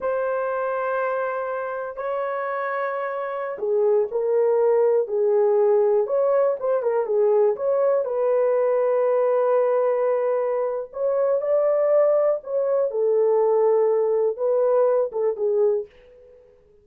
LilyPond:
\new Staff \with { instrumentName = "horn" } { \time 4/4 \tempo 4 = 121 c''1 | cis''2.~ cis''16 gis'8.~ | gis'16 ais'2 gis'4.~ gis'16~ | gis'16 cis''4 c''8 ais'8 gis'4 cis''8.~ |
cis''16 b'2.~ b'8.~ | b'2 cis''4 d''4~ | d''4 cis''4 a'2~ | a'4 b'4. a'8 gis'4 | }